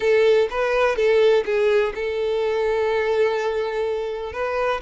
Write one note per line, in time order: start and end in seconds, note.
0.00 0.48 A4
0.50 0.96 B4
0.96 1.44 A4
1.45 1.93 G#4
1.94 4.32 A4
4.32 4.80 B4